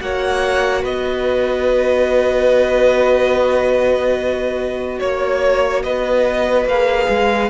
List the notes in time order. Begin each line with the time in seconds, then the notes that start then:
0.00 A#3 F#4 C#5 F#5
0.82 B3 B4 D#5
4.99 A#3 C#5
5.83 B3 B4 D#5
6.65 A#3 G#4 F5
7.09 G#3